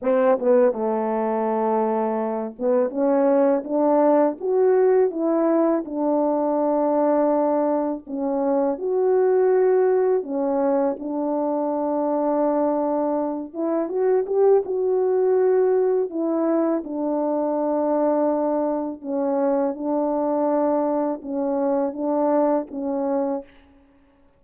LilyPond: \new Staff \with { instrumentName = "horn" } { \time 4/4 \tempo 4 = 82 c'8 b8 a2~ a8 b8 | cis'4 d'4 fis'4 e'4 | d'2. cis'4 | fis'2 cis'4 d'4~ |
d'2~ d'8 e'8 fis'8 g'8 | fis'2 e'4 d'4~ | d'2 cis'4 d'4~ | d'4 cis'4 d'4 cis'4 | }